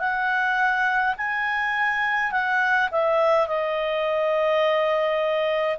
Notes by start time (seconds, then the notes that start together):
0.00 F#5
1.18 G#5
2.32 F#5
2.92 E5
3.48 D#5